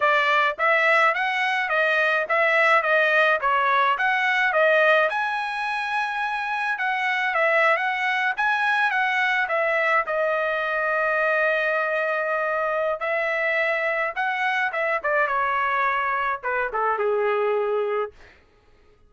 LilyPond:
\new Staff \with { instrumentName = "trumpet" } { \time 4/4 \tempo 4 = 106 d''4 e''4 fis''4 dis''4 | e''4 dis''4 cis''4 fis''4 | dis''4 gis''2. | fis''4 e''8. fis''4 gis''4 fis''16~ |
fis''8. e''4 dis''2~ dis''16~ | dis''2. e''4~ | e''4 fis''4 e''8 d''8 cis''4~ | cis''4 b'8 a'8 gis'2 | }